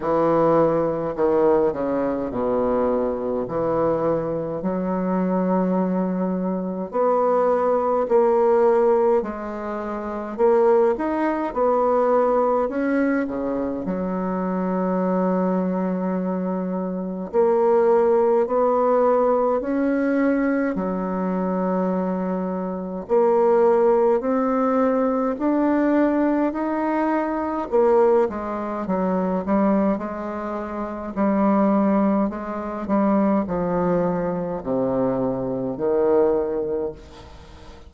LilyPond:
\new Staff \with { instrumentName = "bassoon" } { \time 4/4 \tempo 4 = 52 e4 dis8 cis8 b,4 e4 | fis2 b4 ais4 | gis4 ais8 dis'8 b4 cis'8 cis8 | fis2. ais4 |
b4 cis'4 fis2 | ais4 c'4 d'4 dis'4 | ais8 gis8 fis8 g8 gis4 g4 | gis8 g8 f4 c4 dis4 | }